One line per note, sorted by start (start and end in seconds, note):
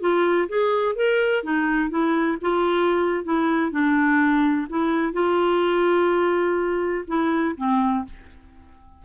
0.00 0.48 F4
0.48 0.95 G#4
0.95 1.43 A#4
1.43 1.90 D#4
1.90 2.38 E4
2.41 3.24 F4
3.24 3.71 E4
3.71 4.67 D4
4.69 5.13 E4
5.13 7.05 F4
7.07 7.55 E4
7.56 8.04 C4